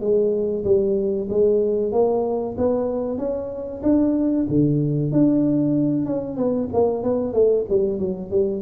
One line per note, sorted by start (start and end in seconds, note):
0.00 0.64 G#3
0.64 1.28 G3
1.29 1.92 G#3
1.92 2.56 A#3
2.57 3.18 B3
3.18 3.82 C#4
3.82 4.46 D4
4.49 5.12 D3
5.12 6.05 D4
6.05 6.37 C#4
6.37 6.68 B3
6.73 7.03 A#3
7.03 7.33 B3
7.33 7.65 A3
7.69 7.99 G3
7.99 8.30 F#3
8.30 8.61 G3